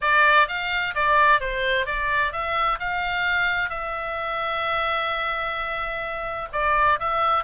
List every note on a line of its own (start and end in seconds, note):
0.01 0.48 D5
0.48 0.94 F5
0.94 1.40 D5
1.40 1.86 C5
1.86 2.32 D5
2.32 2.79 E5
2.79 3.69 F5
3.69 6.48 E5
6.52 6.99 D5
6.99 7.44 E5